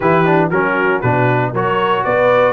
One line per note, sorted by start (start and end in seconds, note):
0.00 0.50 E3
0.00 0.25 E4
0.00 0.49 G4
0.00 0.49 B4
0.25 0.50 D4
0.50 1.01 F#3
0.50 1.03 C#4
0.50 1.52 F#4
0.50 1.01 A#4
1.01 1.53 B2
1.01 1.54 D4
1.01 1.51 B4
1.52 2.04 F#3
1.52 2.53 F#4
1.52 2.02 A#4
1.52 2.04 C#5
2.04 2.53 B3
2.04 2.53 B4
2.04 2.53 D5